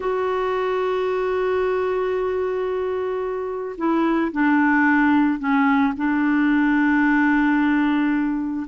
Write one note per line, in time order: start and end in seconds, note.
0.00 3.76 F#4
3.77 4.31 E4
4.32 5.39 D4
5.39 5.93 C#4
5.96 8.67 D4